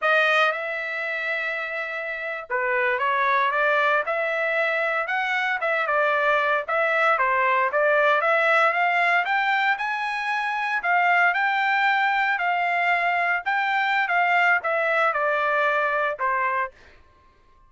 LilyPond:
\new Staff \with { instrumentName = "trumpet" } { \time 4/4 \tempo 4 = 115 dis''4 e''2.~ | e''8. b'4 cis''4 d''4 e''16~ | e''4.~ e''16 fis''4 e''8 d''8.~ | d''8. e''4 c''4 d''4 e''16~ |
e''8. f''4 g''4 gis''4~ gis''16~ | gis''8. f''4 g''2 f''16~ | f''4.~ f''16 g''4~ g''16 f''4 | e''4 d''2 c''4 | }